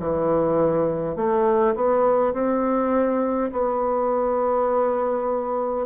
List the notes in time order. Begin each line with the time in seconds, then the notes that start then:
0.00 E3
1.17 A3
1.76 B3
2.34 C4
3.52 B3